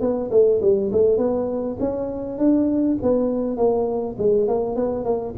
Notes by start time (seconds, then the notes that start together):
0.00 B3
0.31 A3
0.62 G3
0.92 A3
1.17 B3
1.80 C#4
2.38 D4
3.02 B3
3.57 A#3
4.18 G#3
4.48 A#3
4.76 B3
5.04 A#3